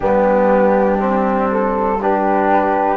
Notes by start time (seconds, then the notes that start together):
0.00 G3 B3 D4 G4
0.99 C4
1.51 A4
2.01 D4 G4 B4